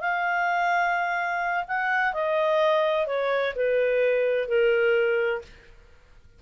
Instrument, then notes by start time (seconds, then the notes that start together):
clarinet
0.00 F5
1.67 F#5
2.13 D#5
3.06 C#5
3.55 B4
4.48 A#4